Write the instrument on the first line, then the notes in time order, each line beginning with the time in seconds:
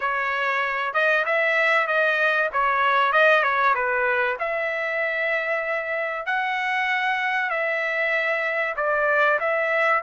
trumpet
0.00 C#5
0.93 D#5
1.25 E5
1.87 D#5
2.53 C#5
3.12 D#5
3.43 C#5
3.74 B4
4.39 E5
6.26 F#5
7.49 E5
8.76 D5
9.39 E5